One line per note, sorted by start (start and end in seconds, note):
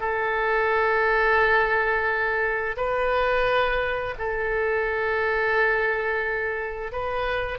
0.00 2.76 A4
2.77 4.15 B4
4.18 6.92 A4
6.92 7.58 B4